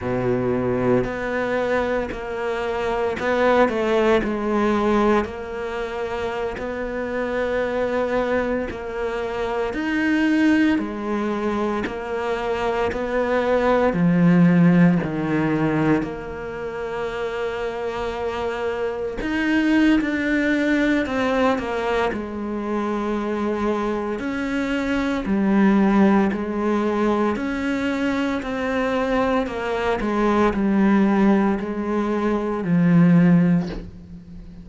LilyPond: \new Staff \with { instrumentName = "cello" } { \time 4/4 \tempo 4 = 57 b,4 b4 ais4 b8 a8 | gis4 ais4~ ais16 b4.~ b16~ | b16 ais4 dis'4 gis4 ais8.~ | ais16 b4 f4 dis4 ais8.~ |
ais2~ ais16 dis'8. d'4 | c'8 ais8 gis2 cis'4 | g4 gis4 cis'4 c'4 | ais8 gis8 g4 gis4 f4 | }